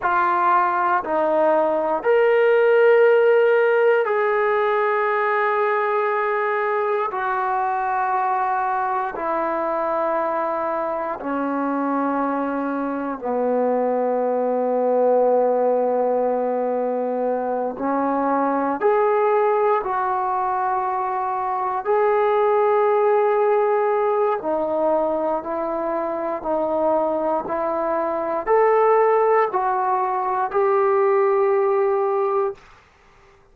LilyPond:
\new Staff \with { instrumentName = "trombone" } { \time 4/4 \tempo 4 = 59 f'4 dis'4 ais'2 | gis'2. fis'4~ | fis'4 e'2 cis'4~ | cis'4 b2.~ |
b4. cis'4 gis'4 fis'8~ | fis'4. gis'2~ gis'8 | dis'4 e'4 dis'4 e'4 | a'4 fis'4 g'2 | }